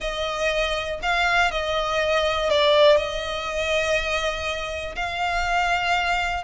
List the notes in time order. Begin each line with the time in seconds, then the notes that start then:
0.00 D#5
1.02 F5
1.51 D#5
2.50 D5
2.96 D#5
4.95 F5